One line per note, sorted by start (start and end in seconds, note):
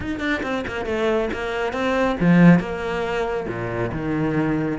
0.00 0.19 D#4
0.19 0.41 D4
0.42 0.64 C4
0.67 0.85 A#3
0.85 1.29 A3
1.33 1.72 A#3
1.72 2.16 C4
2.20 2.59 F3
2.59 3.46 A#3
3.47 3.91 A#2
3.92 4.78 D#3